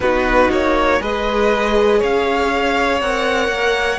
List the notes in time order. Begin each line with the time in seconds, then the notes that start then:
0.00 B3 D#4 F#4 B4
0.50 A#3 C#5
0.99 G#3 G#4 B4 D#5
1.98 C#4 C#5 F5
3.00 C4 A#4 F#5
3.48 A#3